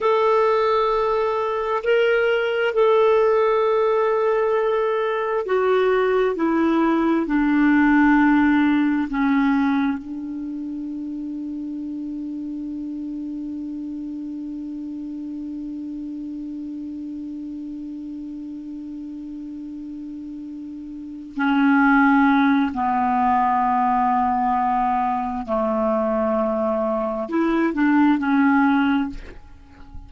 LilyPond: \new Staff \with { instrumentName = "clarinet" } { \time 4/4 \tempo 4 = 66 a'2 ais'4 a'4~ | a'2 fis'4 e'4 | d'2 cis'4 d'4~ | d'1~ |
d'1~ | d'2.~ d'8 cis'8~ | cis'4 b2. | a2 e'8 d'8 cis'4 | }